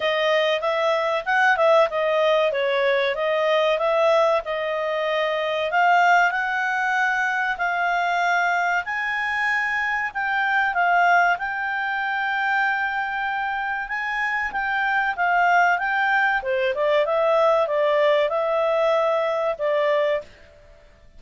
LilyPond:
\new Staff \with { instrumentName = "clarinet" } { \time 4/4 \tempo 4 = 95 dis''4 e''4 fis''8 e''8 dis''4 | cis''4 dis''4 e''4 dis''4~ | dis''4 f''4 fis''2 | f''2 gis''2 |
g''4 f''4 g''2~ | g''2 gis''4 g''4 | f''4 g''4 c''8 d''8 e''4 | d''4 e''2 d''4 | }